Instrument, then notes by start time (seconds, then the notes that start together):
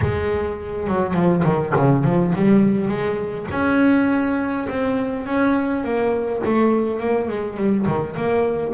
double bass
0.01 G#3
0.87 F#3
1.14 F3
1.44 D#3
1.76 C#3
2.04 F3
2.35 G3
2.88 G#3
3.51 C#4
4.69 C4
5.26 C#4
5.84 A#3
6.45 A3
7.00 A#3
7.28 G#3
7.56 G3
7.86 D#3
8.16 A#3